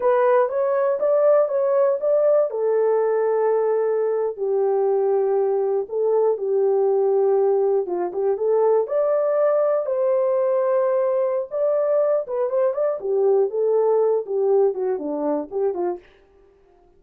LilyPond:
\new Staff \with { instrumentName = "horn" } { \time 4/4 \tempo 4 = 120 b'4 cis''4 d''4 cis''4 | d''4 a'2.~ | a'8. g'2. a'16~ | a'8. g'2. f'16~ |
f'16 g'8 a'4 d''2 c''16~ | c''2. d''4~ | d''8 b'8 c''8 d''8 g'4 a'4~ | a'8 g'4 fis'8 d'4 g'8 f'8 | }